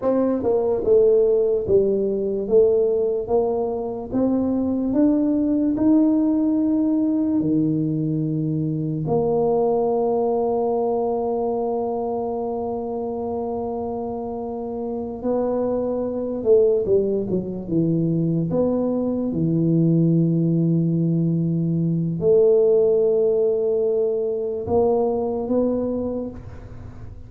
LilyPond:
\new Staff \with { instrumentName = "tuba" } { \time 4/4 \tempo 4 = 73 c'8 ais8 a4 g4 a4 | ais4 c'4 d'4 dis'4~ | dis'4 dis2 ais4~ | ais1~ |
ais2~ ais8 b4. | a8 g8 fis8 e4 b4 e8~ | e2. a4~ | a2 ais4 b4 | }